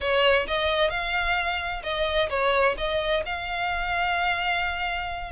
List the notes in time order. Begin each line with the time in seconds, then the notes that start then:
0.00 C#5
0.47 D#5
0.90 F5
1.83 D#5
2.29 C#5
2.77 D#5
3.25 F5